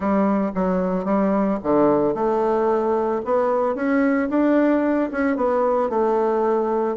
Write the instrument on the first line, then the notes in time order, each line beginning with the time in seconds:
bassoon
0.00 G3
0.55 F#3
1.04 G3
1.63 D3
2.14 A3
3.25 B3
3.75 C#4
4.29 D4
5.11 C#4
5.36 B3
5.89 A3